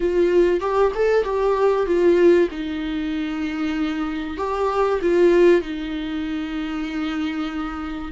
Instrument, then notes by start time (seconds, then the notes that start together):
viola
0.00 F4
0.60 G4
0.95 A4
1.24 G4
1.86 F4
2.50 D#4
4.37 G4
5.01 F4
5.61 D#4